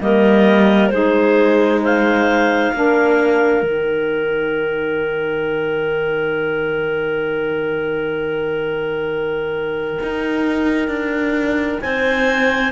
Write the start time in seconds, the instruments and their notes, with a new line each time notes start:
0.00 cello G3, saxophone A#3, clarinet A#4 D#5
0.89 cello G#3, saxophone D#4, clarinet G#4 C5
1.82 clarinet C5 F5
2.73 cello A#3, saxophone D4, clarinet A#4
3.63 cello D#3, saxophone D#4, clarinet G5
10.03 cello D#4
10.88 cello D4
11.81 cello C4, clarinet C5 G#5